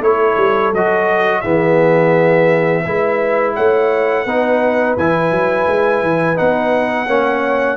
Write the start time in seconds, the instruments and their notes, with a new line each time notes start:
0.00 tuba A3, trombone E4, horn A4, trumpet C#5
0.36 tuba G3
0.73 tuba F#3, trombone F#4, trumpet D#5
1.41 tuba E3, trombone B3, horn G#4, trumpet E5
2.84 tuba G#3, trombone E4, horn B4
3.55 tuba A3, horn C#5, trumpet F#5
4.25 tuba B3, trombone D#4, horn B4
4.96 tuba E3, trombone E4, trumpet G#5
5.31 tuba F#3
5.66 tuba G#3
6.02 tuba E3
6.35 tuba B3, trombone D#4, trumpet F#5
7.06 tuba A#3, trombone C#4, horn C#5